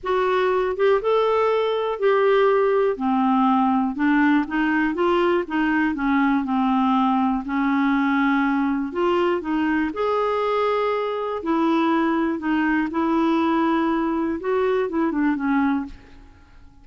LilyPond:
\new Staff \with { instrumentName = "clarinet" } { \time 4/4 \tempo 4 = 121 fis'4. g'8 a'2 | g'2 c'2 | d'4 dis'4 f'4 dis'4 | cis'4 c'2 cis'4~ |
cis'2 f'4 dis'4 | gis'2. e'4~ | e'4 dis'4 e'2~ | e'4 fis'4 e'8 d'8 cis'4 | }